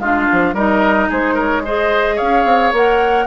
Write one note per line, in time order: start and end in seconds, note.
0.00 0.27 G#3
0.00 0.56 D4
0.00 0.55 F4
0.00 0.55 F5
0.32 0.54 F3
0.54 1.09 G3
0.54 1.65 D#4
0.54 1.09 A#4
0.54 1.11 D#5
1.09 2.21 G#3
1.09 1.35 G#4
1.09 1.39 C5
1.35 1.62 A#4
1.35 1.66 C#5
1.65 2.75 G#4
1.65 2.16 C5
1.65 2.18 D#5
2.16 2.45 C#4
2.16 3.25 C#5
2.16 2.73 F5
2.45 2.72 C4
2.73 3.27 A#3
2.73 3.28 A#4
2.73 3.28 F#5